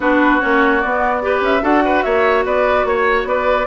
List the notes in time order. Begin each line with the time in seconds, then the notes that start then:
0.00 B3 D4 F#4 B4
0.40 A#3 C#4 C#5
0.80 B3 D5
1.22 G4 B4
1.41 C#4 E5
1.61 D4 F#4 A4 F#5
1.85 B4
2.02 A#3 C#5 E5
2.45 B3 B4 D5
2.84 A#3 C#5
3.24 B3 B4 D5